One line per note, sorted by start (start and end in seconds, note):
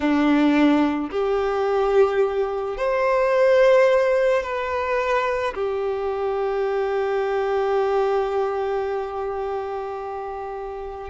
0.00 1.10 D4
1.10 2.77 G4
2.77 4.42 C5
4.42 5.54 B4
5.54 11.10 G4